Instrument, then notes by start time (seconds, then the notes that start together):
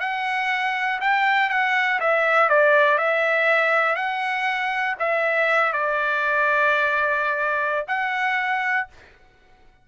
trumpet
0.00 F#5
1.01 G5
1.50 F#5
2.00 E5
2.49 D5
2.98 E5
3.96 F#5
4.99 E5
5.73 D5
7.88 F#5